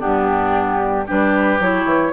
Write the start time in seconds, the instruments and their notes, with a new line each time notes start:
0.00 bassoon G2, clarinet B3, oboe D4, flute G4
1.07 bassoon G3, clarinet D4, oboe G4, flute B4
1.60 bassoon F#3, clarinet E4, flute C#5
1.85 bassoon E3